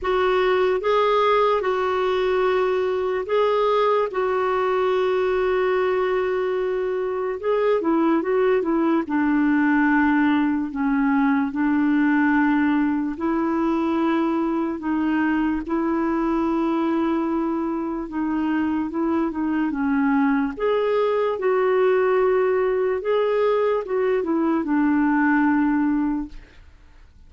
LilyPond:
\new Staff \with { instrumentName = "clarinet" } { \time 4/4 \tempo 4 = 73 fis'4 gis'4 fis'2 | gis'4 fis'2.~ | fis'4 gis'8 e'8 fis'8 e'8 d'4~ | d'4 cis'4 d'2 |
e'2 dis'4 e'4~ | e'2 dis'4 e'8 dis'8 | cis'4 gis'4 fis'2 | gis'4 fis'8 e'8 d'2 | }